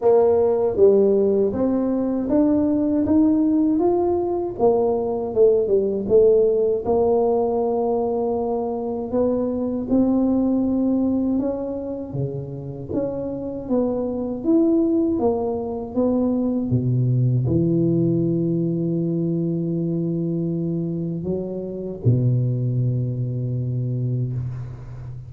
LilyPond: \new Staff \with { instrumentName = "tuba" } { \time 4/4 \tempo 4 = 79 ais4 g4 c'4 d'4 | dis'4 f'4 ais4 a8 g8 | a4 ais2. | b4 c'2 cis'4 |
cis4 cis'4 b4 e'4 | ais4 b4 b,4 e4~ | e1 | fis4 b,2. | }